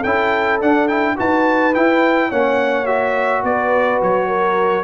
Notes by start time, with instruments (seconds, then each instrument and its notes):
0.00 tuba C#4, horn A4, trumpet G5
0.06 trombone E4
0.61 trombone D4, tuba D4, trumpet F#5
0.88 trombone E4, trumpet G5
1.16 tuba D#4, trombone F#4, horn B4, trumpet A5
1.75 trombone E4, tuba E4, trumpet G5
2.29 tuba A#3, trombone C#4, horn C#5, trumpet F#5
2.86 trombone F#4, trumpet E5
3.44 tuba B3, horn B4, trumpet D5
4.02 tuba F#3, trumpet C#5
4.28 horn A#4